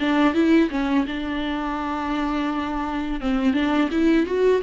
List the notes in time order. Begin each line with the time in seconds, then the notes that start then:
0.00 D4
0.34 E4
0.70 C#4
1.07 D4
3.21 C4
3.54 D4
3.91 E4
4.26 F#4